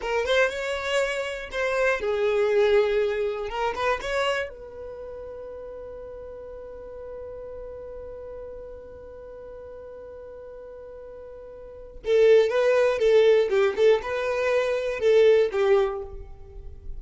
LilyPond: \new Staff \with { instrumentName = "violin" } { \time 4/4 \tempo 4 = 120 ais'8 c''8 cis''2 c''4 | gis'2. ais'8 b'8 | cis''4 b'2.~ | b'1~ |
b'1~ | b'1 | a'4 b'4 a'4 g'8 a'8 | b'2 a'4 g'4 | }